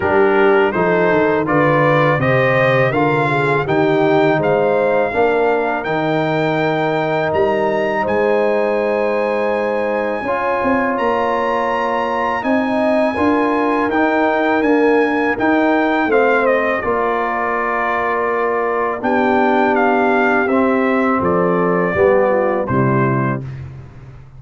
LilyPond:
<<
  \new Staff \with { instrumentName = "trumpet" } { \time 4/4 \tempo 4 = 82 ais'4 c''4 d''4 dis''4 | f''4 g''4 f''2 | g''2 ais''4 gis''4~ | gis''2. ais''4~ |
ais''4 gis''2 g''4 | gis''4 g''4 f''8 dis''8 d''4~ | d''2 g''4 f''4 | e''4 d''2 c''4 | }
  \new Staff \with { instrumentName = "horn" } { \time 4/4 g'4 a'4 b'4 c''4 | ais'8 gis'8 g'4 c''4 ais'4~ | ais'2. c''4~ | c''2 cis''2~ |
cis''4 dis''4 ais'2~ | ais'2 c''4 ais'4~ | ais'2 g'2~ | g'4 a'4 g'8 f'8 e'4 | }
  \new Staff \with { instrumentName = "trombone" } { \time 4/4 d'4 dis'4 f'4 g'4 | f'4 dis'2 d'4 | dis'1~ | dis'2 f'2~ |
f'4 dis'4 f'4 dis'4 | ais4 dis'4 c'4 f'4~ | f'2 d'2 | c'2 b4 g4 | }
  \new Staff \with { instrumentName = "tuba" } { \time 4/4 g4 f8 dis8 d4 c4 | d4 dis4 gis4 ais4 | dis2 g4 gis4~ | gis2 cis'8 c'8 ais4~ |
ais4 c'4 d'4 dis'4 | d'4 dis'4 a4 ais4~ | ais2 b2 | c'4 f4 g4 c4 | }
>>